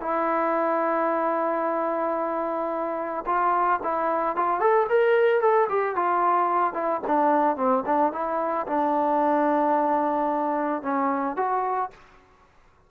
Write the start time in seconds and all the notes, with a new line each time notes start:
0.00 E4
3.26 F4
3.83 E4
4.35 F4
4.59 A4
4.89 A#4
5.40 A4
5.69 G4
5.95 F4
6.73 E4
7.07 D4
7.56 C4
7.86 D4
8.12 E4
8.66 D4
10.82 C#4
11.36 F#4